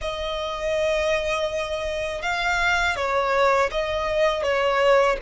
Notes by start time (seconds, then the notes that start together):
0.01 D#5
2.22 F5
2.96 C#5
3.71 D#5
4.42 C#5